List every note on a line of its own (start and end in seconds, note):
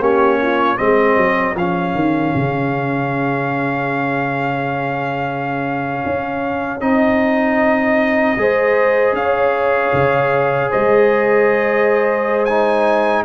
0.00 0.78 A#3
0.00 0.77 C#4
0.00 0.40 G4
0.00 0.78 C#5
0.42 0.79 F4
0.77 1.17 G#3
0.77 1.55 C4
0.77 8.38 G#4
0.77 1.56 D#5
1.17 1.55 F#3
1.55 1.94 F3
1.55 6.81 C#4
1.55 6.81 F5
1.95 2.34 D#3
2.35 6.05 C#3
6.06 6.81 C#4
6.81 8.37 C4
6.81 8.37 D#4
6.81 9.14 D#5
8.37 9.13 G#3
8.37 12.48 G#4
8.37 9.17 C5
9.13 9.91 C#4
9.13 10.71 C#5
9.13 10.71 F5
9.93 10.71 C#3
10.71 13.25 G#3
10.71 13.24 C5
10.71 12.45 D#5
12.45 13.25 D#4
12.45 13.23 G#5